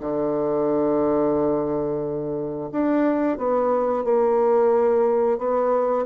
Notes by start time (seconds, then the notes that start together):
0.00 D3
2.71 D4
3.37 B3
4.04 A#3
5.38 B3